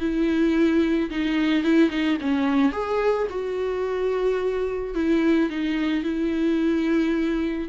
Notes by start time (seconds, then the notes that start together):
0.00 E4
1.11 D#4
1.64 E4
1.90 D#4
2.22 C#4
2.73 G#4
3.30 F#4
4.95 E4
5.50 D#4
6.04 E4